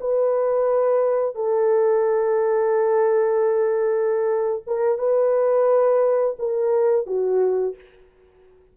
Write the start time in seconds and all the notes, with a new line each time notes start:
0.00 B4
1.35 A4
4.66 A#4
4.98 B4
6.39 A#4
7.06 F#4